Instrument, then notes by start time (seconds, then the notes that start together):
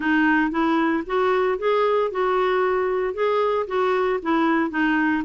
clarinet
0.00 D#4
0.50 E4
1.06 F#4
1.58 G#4
2.11 F#4
3.13 G#4
3.67 F#4
4.22 E4
4.70 D#4